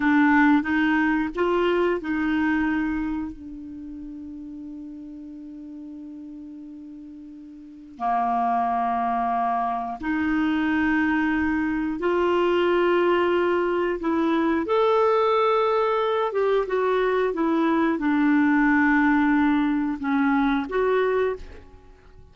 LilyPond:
\new Staff \with { instrumentName = "clarinet" } { \time 4/4 \tempo 4 = 90 d'4 dis'4 f'4 dis'4~ | dis'4 d'2.~ | d'1 | ais2. dis'4~ |
dis'2 f'2~ | f'4 e'4 a'2~ | a'8 g'8 fis'4 e'4 d'4~ | d'2 cis'4 fis'4 | }